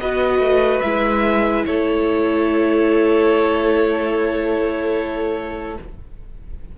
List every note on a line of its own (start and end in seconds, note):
0.00 0.39 B3
0.00 0.83 F#4
0.00 1.66 B4
0.00 0.81 D#5
0.39 0.80 A3
0.81 1.66 G#3
0.81 5.77 E4
0.81 1.63 E5
1.66 5.78 A3
1.66 5.78 A4
1.66 5.77 C#5